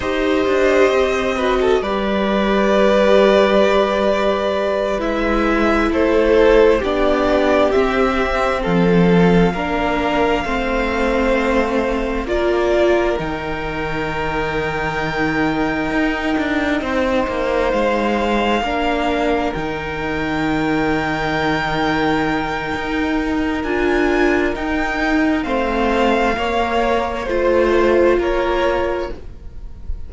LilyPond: <<
  \new Staff \with { instrumentName = "violin" } { \time 4/4 \tempo 4 = 66 dis''2 d''2~ | d''4. e''4 c''4 d''8~ | d''8 e''4 f''2~ f''8~ | f''4. d''4 g''4.~ |
g''2.~ g''8 f''8~ | f''4. g''2~ g''8~ | g''2 gis''4 g''4 | f''2 c''4 cis''4 | }
  \new Staff \with { instrumentName = "violin" } { \time 4/4 c''4. b'16 a'16 b'2~ | b'2~ b'8 a'4 g'8~ | g'4. a'4 ais'4 c''8~ | c''4. ais'2~ ais'8~ |
ais'2~ ais'8 c''4.~ | c''8 ais'2.~ ais'8~ | ais'1 | c''4 cis''4 c''4 ais'4 | }
  \new Staff \with { instrumentName = "viola" } { \time 4/4 g'4. fis'8 g'2~ | g'4. e'2 d'8~ | d'8 c'2 d'4 c'8~ | c'4. f'4 dis'4.~ |
dis'1~ | dis'8 d'4 dis'2~ dis'8~ | dis'2 f'4 dis'4 | c'4 ais4 f'2 | }
  \new Staff \with { instrumentName = "cello" } { \time 4/4 dis'8 d'8 c'4 g2~ | g4. gis4 a4 b8~ | b8 c'4 f4 ais4 a8~ | a4. ais4 dis4.~ |
dis4. dis'8 d'8 c'8 ais8 gis8~ | gis8 ais4 dis2~ dis8~ | dis4 dis'4 d'4 dis'4 | a4 ais4 a4 ais4 | }
>>